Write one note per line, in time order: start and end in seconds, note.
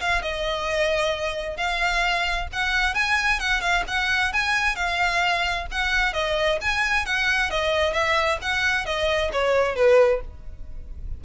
0.00 0.22 F5
0.22 1.57 D#5
1.57 2.48 F5
2.52 2.94 F#5
2.94 3.39 G#5
3.39 3.61 F#5
3.61 3.83 F5
3.87 4.32 F#5
4.32 4.75 G#5
4.75 5.66 F5
5.71 6.13 F#5
6.13 6.58 D#5
6.61 7.06 G#5
7.06 7.50 F#5
7.50 7.93 D#5
7.93 8.38 E5
8.41 8.85 F#5
8.85 9.31 D#5
9.32 9.75 C#5
9.75 10.21 B4